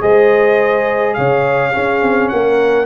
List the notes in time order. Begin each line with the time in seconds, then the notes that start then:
0.00 G#3 G#4 C5 D#5
1.14 C#3 C#5 F5
1.72 C#4 G#4
2.01 C4
2.28 A#3 A#4 F#5